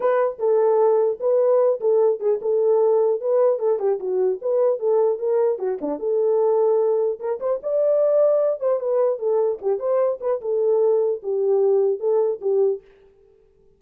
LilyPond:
\new Staff \with { instrumentName = "horn" } { \time 4/4 \tempo 4 = 150 b'4 a'2 b'4~ | b'8 a'4 gis'8 a'2 | b'4 a'8 g'8 fis'4 b'4 | a'4 ais'4 fis'8 d'8 a'4~ |
a'2 ais'8 c''8 d''4~ | d''4. c''8 b'4 a'4 | g'8 c''4 b'8 a'2 | g'2 a'4 g'4 | }